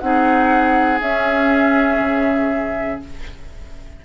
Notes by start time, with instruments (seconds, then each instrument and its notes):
0.00 bassoon C4, clarinet D#4, oboe G#4, flute F#5
1.01 clarinet C#4, bassoon C#4, flute E5
2.00 bassoon C#3